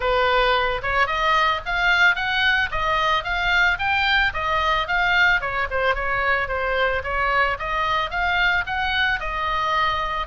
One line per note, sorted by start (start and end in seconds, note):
0.00 0.81 B4
0.82 1.07 C#5
1.07 1.61 D#5
1.65 2.15 F5
2.15 2.69 F#5
2.71 3.24 D#5
3.24 3.78 F5
3.78 4.32 G5
4.33 4.87 D#5
4.87 5.40 F5
5.40 5.67 C#5
5.70 5.95 C5
5.95 6.48 C#5
6.48 7.02 C5
7.03 7.57 C#5
7.58 8.10 D#5
8.10 8.64 F5
8.66 9.19 F#5
9.19 10.26 D#5